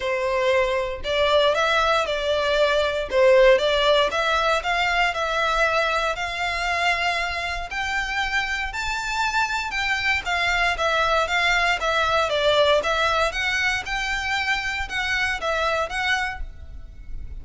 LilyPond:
\new Staff \with { instrumentName = "violin" } { \time 4/4 \tempo 4 = 117 c''2 d''4 e''4 | d''2 c''4 d''4 | e''4 f''4 e''2 | f''2. g''4~ |
g''4 a''2 g''4 | f''4 e''4 f''4 e''4 | d''4 e''4 fis''4 g''4~ | g''4 fis''4 e''4 fis''4 | }